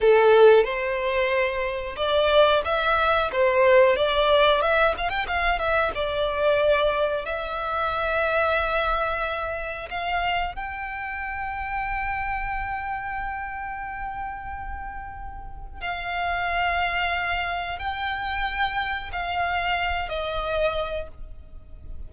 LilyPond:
\new Staff \with { instrumentName = "violin" } { \time 4/4 \tempo 4 = 91 a'4 c''2 d''4 | e''4 c''4 d''4 e''8 f''16 g''16 | f''8 e''8 d''2 e''4~ | e''2. f''4 |
g''1~ | g''1 | f''2. g''4~ | g''4 f''4. dis''4. | }